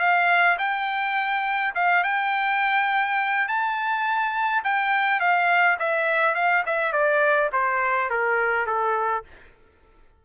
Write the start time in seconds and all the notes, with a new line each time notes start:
0.00 F5
0.59 G5
1.75 F5
2.04 G5
3.48 A5
4.64 G5
5.20 F5
5.80 E5
6.35 F5
6.66 E5
6.93 D5
7.53 C5
8.11 A#4
8.67 A4